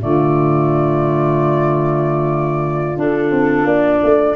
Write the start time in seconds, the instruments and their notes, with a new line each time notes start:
0.00 tuba D3, clarinet A3, saxophone F4, flute D5
2.96 clarinet D4, tuba D4, flute A4
3.30 tuba C4
3.64 tuba A#3, flute D5
4.03 tuba A3